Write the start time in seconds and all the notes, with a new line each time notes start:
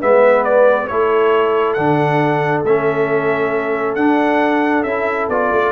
0.00 G#3 B3 B4 E5
0.44 D5
0.88 A3 E4 A4 C#5
1.74 D3 D4 F#5
2.64 A3 C#4 E5
3.95 D4 F#5
4.83 C#4 E4 E5
5.29 B3 F4 D5
5.52 A3